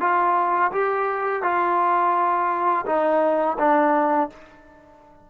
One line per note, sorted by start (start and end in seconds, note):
0.00 0.71 F4
0.71 1.42 G4
1.42 2.85 F4
2.86 3.57 D#4
3.58 4.30 D4